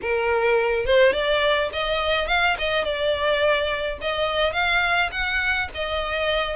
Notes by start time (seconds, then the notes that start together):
0.01 A#4
0.85 C5
1.12 D5
1.72 D#5
2.27 F5
2.58 D#5
2.84 D5
4.01 D#5
4.52 F5
5.11 F#5
5.74 D#5